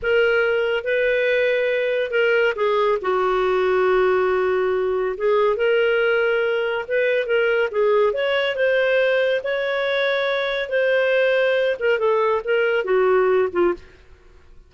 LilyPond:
\new Staff \with { instrumentName = "clarinet" } { \time 4/4 \tempo 4 = 140 ais'2 b'2~ | b'4 ais'4 gis'4 fis'4~ | fis'1 | gis'4 ais'2. |
b'4 ais'4 gis'4 cis''4 | c''2 cis''2~ | cis''4 c''2~ c''8 ais'8 | a'4 ais'4 fis'4. f'8 | }